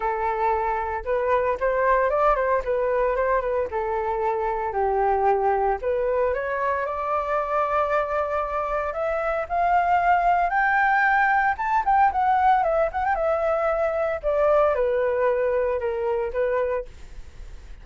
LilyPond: \new Staff \with { instrumentName = "flute" } { \time 4/4 \tempo 4 = 114 a'2 b'4 c''4 | d''8 c''8 b'4 c''8 b'8 a'4~ | a'4 g'2 b'4 | cis''4 d''2.~ |
d''4 e''4 f''2 | g''2 a''8 g''8 fis''4 | e''8 fis''16 g''16 e''2 d''4 | b'2 ais'4 b'4 | }